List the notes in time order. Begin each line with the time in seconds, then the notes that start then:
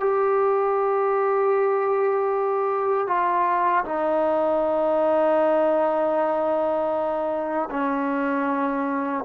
0.00 G4
3.07 F4
3.85 D#4
7.71 C#4